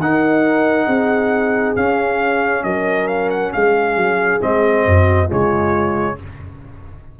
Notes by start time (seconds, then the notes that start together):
0.00 D#4 A#4 F#5
0.86 C4 G#4
1.76 C#4 F5
2.63 F#3 A#4 D#5
3.07 F5
3.30 F#5
3.53 G#3 G#4 F5
3.96 F#3
4.40 G#3 C4 D#5
4.85 F#2 F#4
5.26 C#3 G#3 F4 C#5